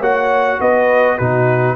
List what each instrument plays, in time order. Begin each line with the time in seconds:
0.00 tuba A#3, trombone F#4, horn C#5, trumpet F#5
0.60 tuba B3, horn B4, trumpet D#5
1.17 tuba B2, trombone D#4, horn F#4, trumpet B4